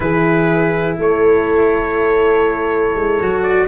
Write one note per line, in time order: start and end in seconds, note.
0.00 0.97 E3
0.00 3.19 E4
0.00 0.99 G#4
0.00 0.97 B4
0.98 2.95 A3
0.98 3.67 A4
0.98 3.42 C#5
2.95 3.20 G#3
3.20 3.67 F#3
3.20 3.67 F#4
3.42 3.66 D5